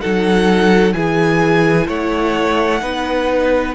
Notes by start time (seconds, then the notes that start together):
0.00 F#3 D#4 A4 F#5
0.93 E3 E4 G#4 G#5
1.87 A3 C#5 F#5
2.81 B3 D#4 B4